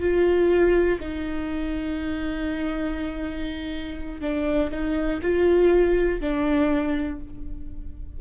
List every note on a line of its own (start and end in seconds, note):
0.00 0.99 F4
1.00 4.21 D#4
4.21 4.71 D4
4.71 5.20 D#4
5.22 6.21 F4
6.21 7.20 D4